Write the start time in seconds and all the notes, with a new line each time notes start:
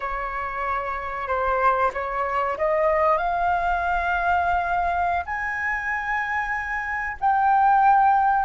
0.00 C#5
1.27 C5
1.93 C#5
2.57 D#5
3.17 F5
5.25 G#5
7.20 G5